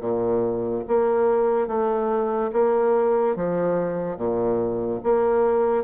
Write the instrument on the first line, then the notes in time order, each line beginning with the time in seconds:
bassoon
0.00 A#2
0.87 A#3
1.67 A3
2.53 A#3
3.36 F3
4.17 A#2
5.03 A#3